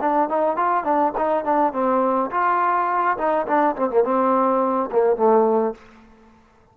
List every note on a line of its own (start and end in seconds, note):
0.00 0.29 D4
0.29 0.56 D#4
0.56 0.83 F4
0.83 1.12 D4
1.17 1.44 D#4
1.44 1.72 D4
1.72 2.30 C4
2.30 3.17 F4
3.17 3.46 D#4
3.46 3.75 D4
3.76 3.90 C4
3.90 4.03 A#3
4.03 4.90 C4
4.91 5.16 A#3
5.16 5.74 A3